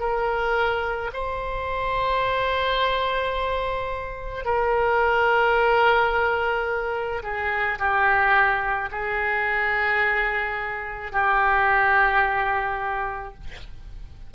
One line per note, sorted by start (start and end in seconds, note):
0.00 1.11 A#4
1.14 4.45 C5
4.45 7.23 A#4
7.23 7.79 G#4
7.79 8.90 G4
8.91 11.12 G#4
11.12 13.34 G4